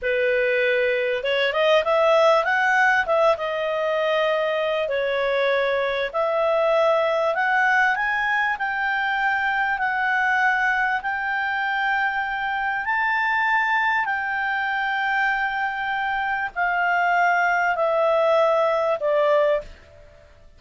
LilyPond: \new Staff \with { instrumentName = "clarinet" } { \time 4/4 \tempo 4 = 98 b'2 cis''8 dis''8 e''4 | fis''4 e''8 dis''2~ dis''8 | cis''2 e''2 | fis''4 gis''4 g''2 |
fis''2 g''2~ | g''4 a''2 g''4~ | g''2. f''4~ | f''4 e''2 d''4 | }